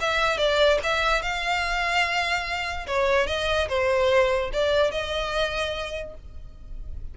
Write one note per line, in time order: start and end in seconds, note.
0.00 0.38 E5
0.38 0.79 D5
0.83 1.22 E5
1.22 2.86 F5
2.87 3.27 C#5
3.27 3.68 D#5
3.68 4.51 C5
4.53 4.91 D5
4.91 6.14 D#5